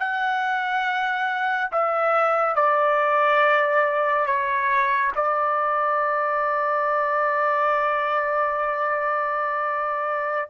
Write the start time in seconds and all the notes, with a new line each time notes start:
0.00 F#5
1.72 E5
2.56 D5
4.27 C#5
5.16 D5